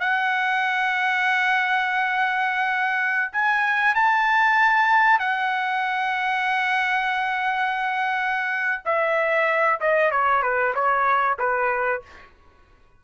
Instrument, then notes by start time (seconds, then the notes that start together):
trumpet
0.00 F#5
3.32 G#5
3.95 A5
5.19 F#5
8.85 E5
9.80 D#5
10.11 C#5
10.42 B4
10.75 C#5
11.39 B4